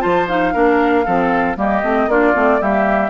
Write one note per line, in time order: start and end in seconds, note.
0.00 0.55 F3
0.00 0.26 F4
0.00 0.54 C5
0.00 0.28 A5
0.29 0.54 D#4
0.29 1.58 F5
0.54 1.07 A#3
0.54 1.05 D4
0.54 1.06 A#4
1.06 1.57 F3
1.06 1.56 C4
1.06 1.57 A4
1.56 1.83 G3
1.56 1.82 A#3
1.56 2.10 G4
1.56 2.11 D#5
1.83 2.08 A3
1.83 2.10 C4
2.08 2.34 A#3
2.08 2.34 D4
2.08 2.61 F4
2.08 2.62 D5
2.34 2.62 A3
2.34 2.60 C4
2.61 3.10 G3
2.61 3.10 A#3
2.61 3.10 G4
2.61 3.10 E5